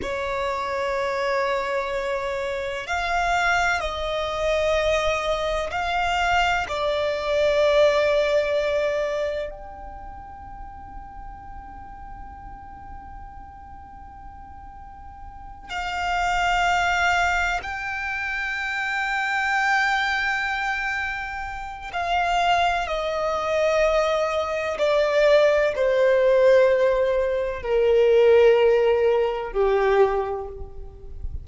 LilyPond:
\new Staff \with { instrumentName = "violin" } { \time 4/4 \tempo 4 = 63 cis''2. f''4 | dis''2 f''4 d''4~ | d''2 g''2~ | g''1~ |
g''8 f''2 g''4.~ | g''2. f''4 | dis''2 d''4 c''4~ | c''4 ais'2 g'4 | }